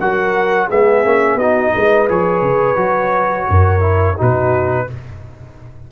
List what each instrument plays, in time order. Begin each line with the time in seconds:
0.00 tuba F#3, trombone F#4, horn A#4, trumpet F#5
0.67 tuba G#3, trombone B3, horn G#4, trumpet E5
1.05 tuba A#3, trombone C#4
1.35 tuba B3, horn F#4, trumpet D#5
1.41 trombone D#4
1.74 tuba G#3, horn B4
2.09 tuba F3, trombone G#4, trumpet C#5
2.42 tuba C#3
2.76 tuba F#3, trombone F#4
3.49 tuba F#2, horn A#4
3.80 trombone E4
4.17 tuba B2, trombone D#4, horn F#4, trumpet B4